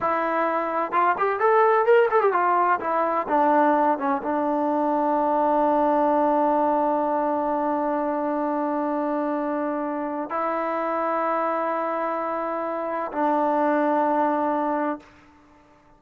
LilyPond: \new Staff \with { instrumentName = "trombone" } { \time 4/4 \tempo 4 = 128 e'2 f'8 g'8 a'4 | ais'8 a'16 g'16 f'4 e'4 d'4~ | d'8 cis'8 d'2.~ | d'1~ |
d'1~ | d'2 e'2~ | e'1 | d'1 | }